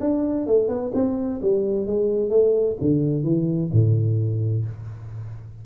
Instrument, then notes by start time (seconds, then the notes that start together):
tuba
0.00 D4
0.46 A3
0.68 B3
0.94 C4
1.41 G3
1.86 G#3
2.29 A3
2.81 D3
3.23 E3
3.72 A2